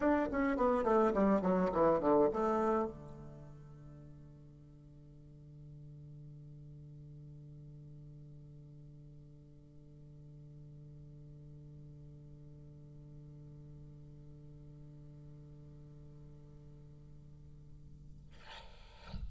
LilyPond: \new Staff \with { instrumentName = "bassoon" } { \time 4/4 \tempo 4 = 105 d'8 cis'8 b8 a8 g8 fis8 e8 d8 | a4 d2.~ | d1~ | d1~ |
d1~ | d1~ | d1~ | d1 | }